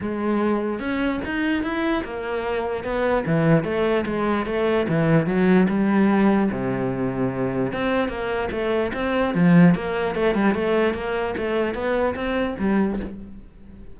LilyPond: \new Staff \with { instrumentName = "cello" } { \time 4/4 \tempo 4 = 148 gis2 cis'4 dis'4 | e'4 ais2 b4 | e4 a4 gis4 a4 | e4 fis4 g2 |
c2. c'4 | ais4 a4 c'4 f4 | ais4 a8 g8 a4 ais4 | a4 b4 c'4 g4 | }